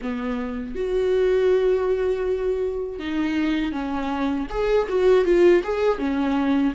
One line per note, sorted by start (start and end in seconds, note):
0.01 0.75 B3
0.75 2.99 F#4
2.99 3.72 D#4
3.72 4.47 C#4
4.50 4.87 G#4
4.89 5.24 F#4
5.24 5.62 F4
5.63 5.98 G#4
5.98 6.73 C#4